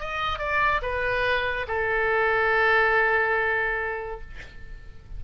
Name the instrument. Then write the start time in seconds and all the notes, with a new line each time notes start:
oboe
0.00 D#5
0.39 D5
0.82 B4
1.68 A4